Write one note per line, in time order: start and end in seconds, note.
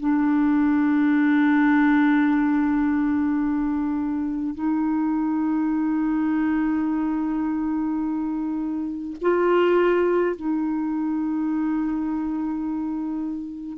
0.00 4.55 D4
4.55 9.16 D#4
9.22 10.36 F4
10.36 13.78 D#4